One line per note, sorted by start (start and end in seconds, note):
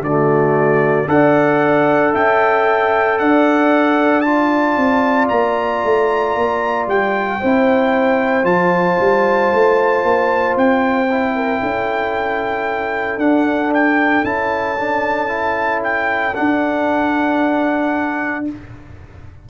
0.00 1.05 D3
0.00 1.09 F#4
0.00 1.09 D5
0.07 1.08 A3
1.08 2.13 D4
1.08 4.23 A4
1.08 2.14 D5
1.08 2.14 F#5
2.14 3.19 C#4
2.14 3.19 E5
2.14 3.18 G5
3.18 4.76 D4
3.18 7.39 D5
3.18 4.21 F#5
4.21 7.41 F4
4.21 5.26 A5
4.76 5.29 C4
5.28 5.83 A#3
5.28 6.86 A#5
5.84 6.35 A3
6.35 6.87 A#3
6.87 7.39 G3
6.87 8.45 G5
7.39 8.43 C4
7.39 8.43 E4
7.39 11.34 C5
8.43 8.96 F3
8.43 11.06 F4
8.43 10.56 A5
8.99 9.52 G3
9.52 10.03 A3
10.03 10.56 A#3
10.56 11.61 C4
10.56 13.19 G5
11.10 13.19 E4
11.35 11.61 A#4
11.61 13.17 C#4
11.61 18.45 A4
13.17 14.22 D4
13.17 14.24 D4
13.17 13.72 F#5
13.73 14.25 G5
14.24 16.34 C#4
14.24 14.77 E4
14.24 15.82 A5
14.78 15.27 D4
15.27 16.33 E4
15.83 16.35 G5
16.34 18.45 D4
16.34 18.49 D4
16.34 18.45 F#5